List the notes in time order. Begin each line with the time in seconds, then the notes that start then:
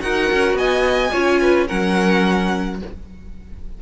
0.00 D#4 F#4 A#4 F#5
0.32 C#4
0.54 B3 D#5 G#5
1.12 C#4 F4 C#5
1.41 B4
1.67 F#3 C#4 A#4 F#5